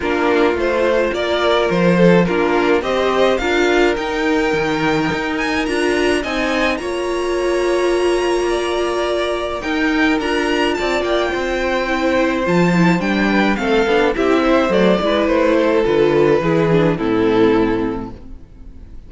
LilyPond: <<
  \new Staff \with { instrumentName = "violin" } { \time 4/4 \tempo 4 = 106 ais'4 c''4 d''4 c''4 | ais'4 dis''4 f''4 g''4~ | g''4. gis''8 ais''4 gis''4 | ais''1~ |
ais''4 g''4 ais''4 a''8 g''8~ | g''2 a''4 g''4 | f''4 e''4 d''4 c''4 | b'2 a'2 | }
  \new Staff \with { instrumentName = "violin" } { \time 4/4 f'2 ais'4. a'8 | f'4 c''4 ais'2~ | ais'2. dis''4 | cis''2. d''4~ |
d''4 ais'2 d''4 | c''2.~ c''8 b'8 | a'4 g'8 c''4 b'4 a'8~ | a'4 gis'4 e'2 | }
  \new Staff \with { instrumentName = "viola" } { \time 4/4 d'4 f'2. | d'4 g'4 f'4 dis'4~ | dis'2 f'4 dis'4 | f'1~ |
f'4 dis'4 f'2~ | f'4 e'4 f'8 e'8 d'4 | c'8 d'8 e'4 a8 e'4. | f'4 e'8 d'8 c'2 | }
  \new Staff \with { instrumentName = "cello" } { \time 4/4 ais4 a4 ais4 f4 | ais4 c'4 d'4 dis'4 | dis4 dis'4 d'4 c'4 | ais1~ |
ais4 dis'4 d'4 c'8 ais8 | c'2 f4 g4 | a8 b8 c'4 fis8 gis8 a4 | d4 e4 a,2 | }
>>